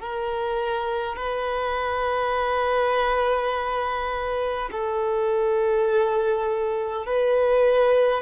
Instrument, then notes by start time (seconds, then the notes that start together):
violin
0.00 A#4
1.17 B4
4.72 A4
7.06 B4